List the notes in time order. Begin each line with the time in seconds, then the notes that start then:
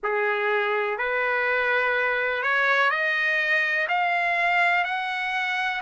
0.03 G#4
0.98 B4
2.42 C#5
2.90 D#5
3.88 F5
4.84 F#5